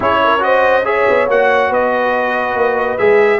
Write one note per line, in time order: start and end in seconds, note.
0.00 1.06 C#4
0.00 0.39 E4
0.00 0.20 G#4
0.00 0.43 C#5
0.23 0.44 A#4
0.39 0.82 F#4
0.39 0.86 C5
0.39 0.85 D#5
0.84 1.27 G#4
0.84 1.70 C#5
0.84 1.28 E5
1.09 1.27 B3
1.27 1.70 A#3
1.27 2.98 F#4
1.27 1.73 F#5
1.70 2.54 B3
1.70 3.39 B4
1.70 2.97 D#5
2.54 2.97 A#3
2.97 3.39 G#3
2.97 3.39 G#4
2.97 3.39 E5